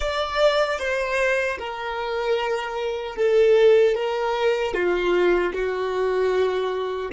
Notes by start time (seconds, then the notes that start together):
0.00 D5
0.79 C5
1.58 A#4
3.16 A4
3.95 A#4
4.74 F4
5.53 F#4